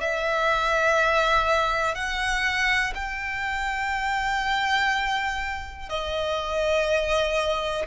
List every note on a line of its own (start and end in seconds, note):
0.00 1.94 E5
1.94 2.93 F#5
2.95 5.89 G5
5.89 7.86 D#5